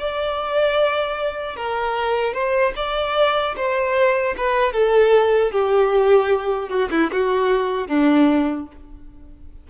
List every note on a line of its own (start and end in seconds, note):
0.00 1.56 D5
1.56 2.34 A#4
2.34 2.73 C5
2.77 3.56 D5
3.57 4.36 C5
4.38 4.73 B4
4.73 5.52 A4
5.52 6.70 G4
6.70 6.89 F#4
6.91 7.11 E4
7.12 7.88 F#4
7.88 8.67 D4